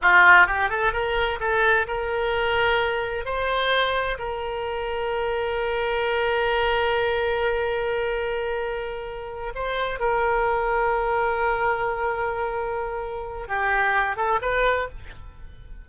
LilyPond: \new Staff \with { instrumentName = "oboe" } { \time 4/4 \tempo 4 = 129 f'4 g'8 a'8 ais'4 a'4 | ais'2. c''4~ | c''4 ais'2.~ | ais'1~ |
ais'1~ | ais'8 c''4 ais'2~ ais'8~ | ais'1~ | ais'4 g'4. a'8 b'4 | }